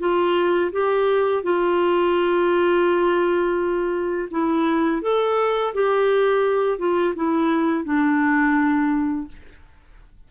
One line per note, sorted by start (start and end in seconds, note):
0.00 0.71 F4
0.72 1.44 G4
1.44 4.29 F4
4.31 5.02 E4
5.02 5.74 A4
5.75 6.79 G4
6.79 7.15 F4
7.16 7.85 E4
7.85 9.28 D4